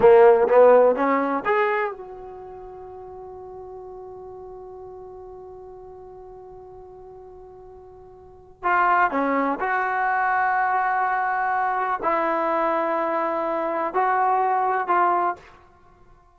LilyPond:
\new Staff \with { instrumentName = "trombone" } { \time 4/4 \tempo 4 = 125 ais4 b4 cis'4 gis'4 | fis'1~ | fis'1~ | fis'1~ |
fis'2 f'4 cis'4 | fis'1~ | fis'4 e'2.~ | e'4 fis'2 f'4 | }